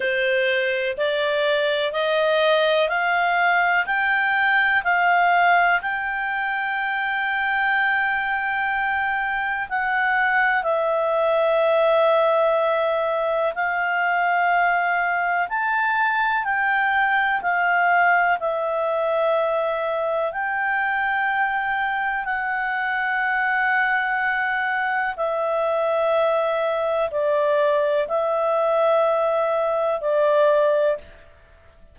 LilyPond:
\new Staff \with { instrumentName = "clarinet" } { \time 4/4 \tempo 4 = 62 c''4 d''4 dis''4 f''4 | g''4 f''4 g''2~ | g''2 fis''4 e''4~ | e''2 f''2 |
a''4 g''4 f''4 e''4~ | e''4 g''2 fis''4~ | fis''2 e''2 | d''4 e''2 d''4 | }